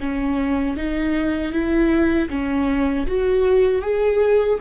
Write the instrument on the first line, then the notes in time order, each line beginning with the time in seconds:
viola
0.00 C#4
0.76 D#4
1.52 E4
2.29 C#4
3.06 F#4
3.81 G#4